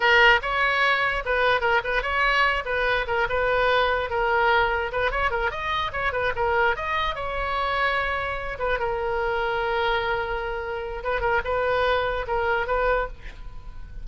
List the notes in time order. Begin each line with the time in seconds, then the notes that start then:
0.00 A#4
0.41 C#5
1.25 B4
1.60 A#4
1.84 B4
2.02 C#5
2.65 B4
3.07 A#4
3.29 B4
4.10 A#4
4.91 B4
5.11 C#5
5.30 A#4
5.50 D#5
5.92 C#5
6.12 B4
6.35 A#4
6.76 D#5
7.15 C#5
8.58 B4
8.79 A#4
11.03 B4
11.20 A#4
11.44 B4
12.27 A#4
12.66 B4